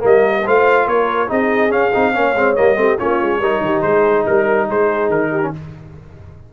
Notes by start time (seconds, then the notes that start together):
0.00 G3 A#3 A#4 D#5
0.46 A3 F4 C5 F5
0.87 A#3 A#4 C#5
1.28 C4 D#4 G#4 D#5
1.70 C#4 F5
1.94 C4 D#4
2.14 A#3 C#4 C#5
2.36 G#3 C4
2.56 G3 A#3 D#5
2.76 A3 C4 G4
2.98 A#3 C#4 F4 C#5
3.22 G#3
3.39 G3 D#4 A#4
3.61 D#3 G4
3.82 G#3 G#4 C5
4.26 G3 A#4
4.67 G#3 G#4 C5
5.10 D#3 A#4
5.31 G4
5.43 C#4